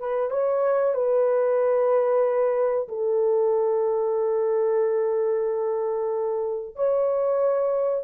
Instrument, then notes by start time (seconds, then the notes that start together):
horn
0.00 B4
0.31 C#5
0.95 B4
2.89 A4
6.76 C#5